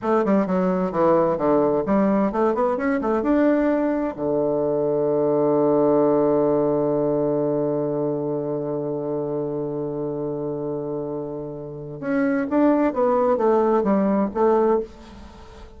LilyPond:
\new Staff \with { instrumentName = "bassoon" } { \time 4/4 \tempo 4 = 130 a8 g8 fis4 e4 d4 | g4 a8 b8 cis'8 a8 d'4~ | d'4 d2.~ | d1~ |
d1~ | d1~ | d2 cis'4 d'4 | b4 a4 g4 a4 | }